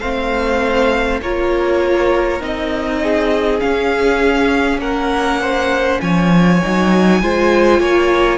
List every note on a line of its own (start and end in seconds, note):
0.00 1.21 A3
0.00 1.22 C4
0.00 1.21 C5
0.00 1.20 F5
1.21 2.41 A#3
1.21 2.40 F4
1.21 3.02 A#4
1.21 2.43 C#5
2.40 3.61 C4
2.40 3.59 D#4
2.40 3.60 D#5
3.02 4.81 G#4
3.59 6.59 C#4
3.59 4.79 C#4
3.59 4.80 F5
4.79 5.99 A#3
4.79 5.41 A#4
4.79 6.01 F#5
5.41 6.01 C5
6.01 6.62 F3
6.01 7.22 C#5
6.01 8.38 G#5
6.63 7.22 F#3
6.63 7.23 D#4
7.22 7.80 G#3
7.22 8.38 F4
7.22 7.81 C5
7.80 8.38 A#3
7.80 8.38 C#5